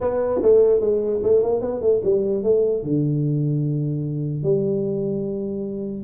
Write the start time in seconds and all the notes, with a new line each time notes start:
0.00 B3
0.42 A3
0.80 G#3
1.22 A3
1.43 A#3
1.61 B3
1.81 A3
2.04 G3
2.43 A3
2.83 D3
4.43 G3